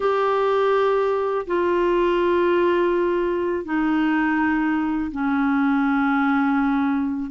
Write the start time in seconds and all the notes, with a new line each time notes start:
0.00 G4
1.46 F4
3.64 D#4
5.11 C#4